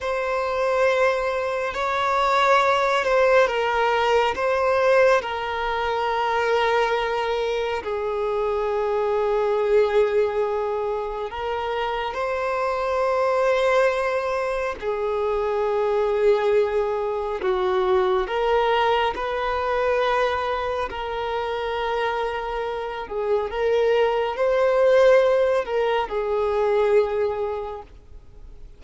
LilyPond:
\new Staff \with { instrumentName = "violin" } { \time 4/4 \tempo 4 = 69 c''2 cis''4. c''8 | ais'4 c''4 ais'2~ | ais'4 gis'2.~ | gis'4 ais'4 c''2~ |
c''4 gis'2. | fis'4 ais'4 b'2 | ais'2~ ais'8 gis'8 ais'4 | c''4. ais'8 gis'2 | }